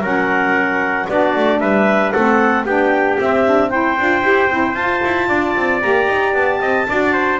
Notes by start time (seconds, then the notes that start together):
0.00 F#3 C#4 A#4 F#5
1.08 B3 D4 F#4 D5
1.35 A3
1.59 G3 B4 E5
2.11 A3 C4 A4 F#5
2.64 B3 D4 G4 G5
3.19 C4 E5
3.45 D4
3.70 E4 C5 G5
3.98 D4 F4
4.22 E4 G4
4.49 C4 E4
4.74 F4 A5
5.04 E4
5.28 D4 D5
5.56 C4
5.81 A#3 G4 A#5
6.07 D#4
6.33 B3 A5
6.60 C4 D#5
6.88 D4 F#4 D5
7.13 C5